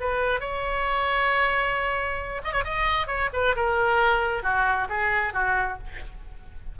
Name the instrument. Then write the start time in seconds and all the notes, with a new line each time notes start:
oboe
0.00 B4
0.40 C#5
2.44 D#5
2.52 C#5
2.64 D#5
3.07 C#5
3.33 B4
3.56 A#4
4.43 F#4
4.89 G#4
5.33 F#4